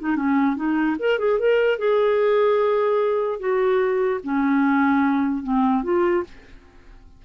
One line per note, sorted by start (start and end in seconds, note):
0.00 0.16 D#4
0.16 0.56 C#4
0.56 0.96 D#4
0.99 1.19 A#4
1.19 1.39 G#4
1.39 1.78 A#4
1.78 3.40 G#4
3.40 4.20 F#4
4.24 5.43 C#4
5.43 5.83 C4
5.83 6.24 F4